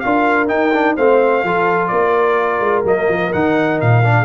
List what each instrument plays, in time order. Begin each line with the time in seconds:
0.00 tuba D4, trombone F4, horn A#4, trumpet F5
0.48 trombone D#4, tuba D#4, trumpet G5
0.74 trombone D4
0.96 tuba A3, trombone C4, horn C5, trumpet F5
1.44 tuba F3, trombone F4, horn A4
1.87 tuba A#3, horn A#4, trumpet D5
2.60 tuba G#3
2.85 tuba F#3, trombone A#3, trumpet D#5
3.09 tuba F3
3.32 tuba D#3, trombone D#4, trumpet F#5
3.81 tuba A#2, trumpet F5
4.04 trombone D4
4.19 horn G#4